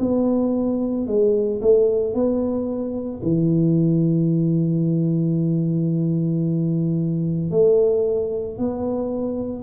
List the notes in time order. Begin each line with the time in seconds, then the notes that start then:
0.00 B3
1.07 G#3
1.62 A3
2.14 B3
3.23 E3
7.51 A3
8.58 B3